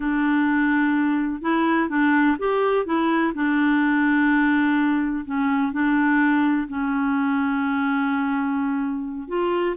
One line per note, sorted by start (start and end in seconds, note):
0.00 1.41 D4
1.41 1.89 E4
1.89 2.37 D4
2.38 2.85 G4
2.85 3.33 E4
3.34 5.24 D4
5.25 5.72 C#4
5.72 6.67 D4
6.68 9.28 C#4
9.28 9.75 F4